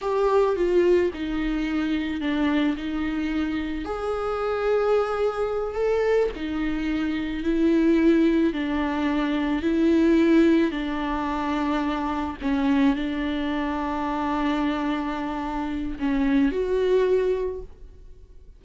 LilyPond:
\new Staff \with { instrumentName = "viola" } { \time 4/4 \tempo 4 = 109 g'4 f'4 dis'2 | d'4 dis'2 gis'4~ | gis'2~ gis'8 a'4 dis'8~ | dis'4. e'2 d'8~ |
d'4. e'2 d'8~ | d'2~ d'8 cis'4 d'8~ | d'1~ | d'4 cis'4 fis'2 | }